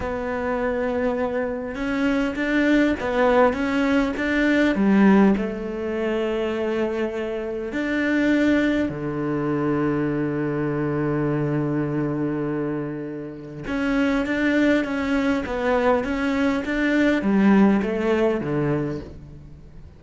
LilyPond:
\new Staff \with { instrumentName = "cello" } { \time 4/4 \tempo 4 = 101 b2. cis'4 | d'4 b4 cis'4 d'4 | g4 a2.~ | a4 d'2 d4~ |
d1~ | d2. cis'4 | d'4 cis'4 b4 cis'4 | d'4 g4 a4 d4 | }